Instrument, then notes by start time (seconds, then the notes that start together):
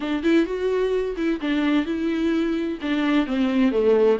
viola
0.00 D4
0.23 E4
0.45 F#4
1.16 E4
1.40 D4
1.85 E4
2.81 D4
3.26 C4
3.71 A3